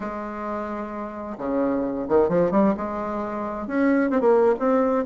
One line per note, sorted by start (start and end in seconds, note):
0.00 1.37 G#3
1.37 2.06 C#3
2.08 2.28 D#3
2.28 2.51 F3
2.51 2.74 G3
2.76 3.67 G#3
3.67 4.10 C#4
4.10 4.20 C4
4.20 4.54 A#3
4.59 5.04 C4